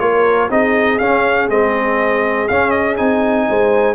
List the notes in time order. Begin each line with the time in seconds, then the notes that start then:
0.00 A#3 F4 A#4 C#5
0.50 C4 D#4 G#4 D#5
0.99 C#4 F5
1.49 G#3 C4 D#5
2.48 C#4 F5
2.71 D#5
2.97 C4 D#4 G#5
3.49 G#3 C5